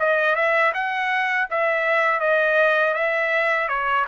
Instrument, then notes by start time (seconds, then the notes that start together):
trumpet
0.00 D#5
0.36 E5
0.74 F#5
1.51 E5
2.20 D#5
2.94 E5
3.68 C#5